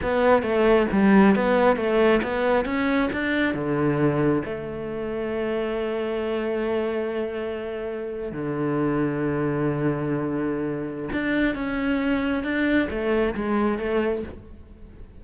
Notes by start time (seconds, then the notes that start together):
0.02 B3
0.42 A3
0.92 G3
1.35 B3
1.76 A3
2.22 B3
2.65 C#4
3.12 D4
3.54 D3
4.44 A3
8.32 D3
11.12 D4
11.54 C#4
12.43 D4
12.90 A3
13.34 G#3
13.78 A3